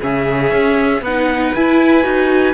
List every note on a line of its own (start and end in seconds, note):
0.00 0.52 C#3
0.00 1.03 C#4
0.00 1.02 G#4
0.00 1.03 E5
0.52 1.01 C#4
1.01 1.52 B3
1.01 1.56 D#4
1.01 2.53 B4
1.01 1.54 F#5
1.54 2.05 E4
1.54 2.03 E4
1.54 2.53 G#5
2.03 2.53 D#4
2.03 2.53 F#4